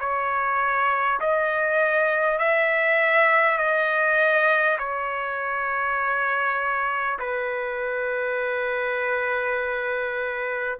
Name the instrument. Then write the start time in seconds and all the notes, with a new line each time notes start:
trumpet
0.00 C#5
1.21 D#5
2.38 E5
3.58 D#5
4.79 C#5
7.19 B4